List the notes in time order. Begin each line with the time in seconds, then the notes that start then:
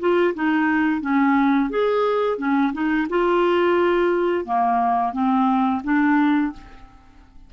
0.00 F4
0.35 D#4
1.01 C#4
1.70 G#4
2.38 C#4
2.73 D#4
3.09 F4
4.45 A#3
5.13 C4
5.84 D4